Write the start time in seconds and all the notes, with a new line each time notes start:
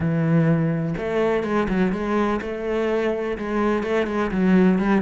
0.00 E3
0.97 A3
1.43 G#3
1.68 F#3
1.92 G#3
2.41 A3
3.37 G#3
3.83 A3
4.06 G#3
4.31 F#3
4.78 G3